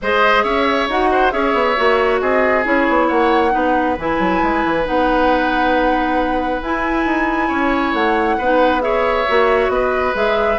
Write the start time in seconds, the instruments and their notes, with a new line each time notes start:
0.02 bassoon G#3, clarinet G#4, oboe C5, flute D#5
0.43 bassoon C#4, oboe C#5, flute E5
0.88 bassoon D#4, clarinet F#4, flute F#5
1.11 oboe C5
1.30 bassoon C#4, clarinet G#4, oboe C#5, flute E5
1.53 bassoon B3
1.76 bassoon A#3, clarinet F#4
2.20 bassoon C4, oboe G#4, flute D#5
2.63 bassoon C#4, clarinet E4, flute C#5
2.89 bassoon B3
3.07 bassoon A#3, oboe C#5, flute F#5
3.51 bassoon B3, clarinet D#4, oboe B4
3.97 bassoon E3, clarinet E4, flute G#5
4.19 bassoon F#3
4.42 bassoon G#3
4.64 bassoon E3
4.84 bassoon B3, clarinet D#4, flute F#5
6.61 bassoon E4, clarinet E4, flute G#5
7.05 bassoon D#4
7.48 bassoon C#4, oboe C#5
7.93 bassoon A3, flute F#5
8.37 bassoon B3, clarinet D#4, oboe B4
8.80 clarinet G#4, oboe C#5, flute E5
9.28 bassoon A#3, clarinet F#4
9.68 bassoon B3, oboe B4, flute D#5
10.13 bassoon G#3, clarinet G#4, flute E5